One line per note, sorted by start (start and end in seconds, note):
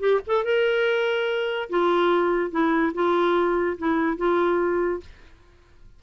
0.00 0.21 G4
0.27 0.45 A4
0.45 1.70 A#4
1.70 2.51 F4
2.51 2.93 E4
2.94 3.78 F4
3.78 4.18 E4
4.18 5.01 F4